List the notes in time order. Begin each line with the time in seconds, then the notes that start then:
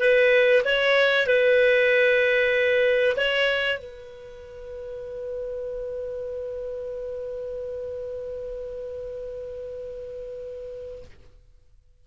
0.00 B4
0.65 C#5
1.27 B4
3.17 C#5
3.79 B4